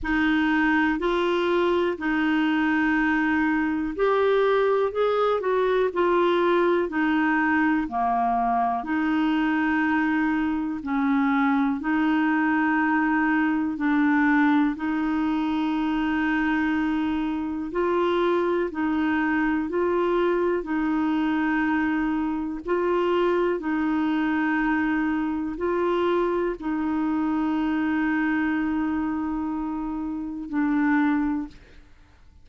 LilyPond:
\new Staff \with { instrumentName = "clarinet" } { \time 4/4 \tempo 4 = 61 dis'4 f'4 dis'2 | g'4 gis'8 fis'8 f'4 dis'4 | ais4 dis'2 cis'4 | dis'2 d'4 dis'4~ |
dis'2 f'4 dis'4 | f'4 dis'2 f'4 | dis'2 f'4 dis'4~ | dis'2. d'4 | }